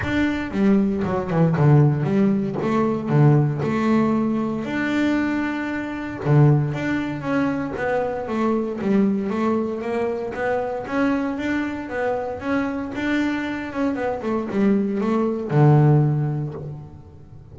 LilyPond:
\new Staff \with { instrumentName = "double bass" } { \time 4/4 \tempo 4 = 116 d'4 g4 fis8 e8 d4 | g4 a4 d4 a4~ | a4 d'2. | d4 d'4 cis'4 b4 |
a4 g4 a4 ais4 | b4 cis'4 d'4 b4 | cis'4 d'4. cis'8 b8 a8 | g4 a4 d2 | }